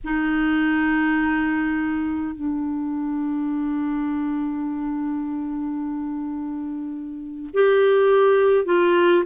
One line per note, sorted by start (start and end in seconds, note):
0.03 2.35 D#4
2.35 7.49 D4
7.53 8.65 G4
8.65 9.24 F4